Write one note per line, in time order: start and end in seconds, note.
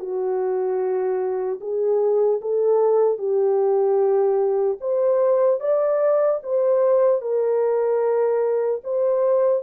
0.00 1.60 F#4
1.60 2.40 G#4
2.41 3.18 A4
3.18 4.78 G4
4.81 5.60 C5
5.60 6.40 D5
6.43 7.21 C5
7.21 8.81 A#4
8.84 9.63 C5